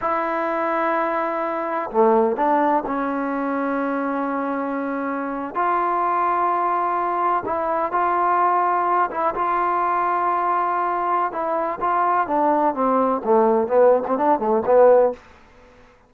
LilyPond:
\new Staff \with { instrumentName = "trombone" } { \time 4/4 \tempo 4 = 127 e'1 | a4 d'4 cis'2~ | cis'2.~ cis'8. f'16~ | f'2.~ f'8. e'16~ |
e'8. f'2~ f'8 e'8 f'16~ | f'1 | e'4 f'4 d'4 c'4 | a4 b8. c'16 d'8 a8 b4 | }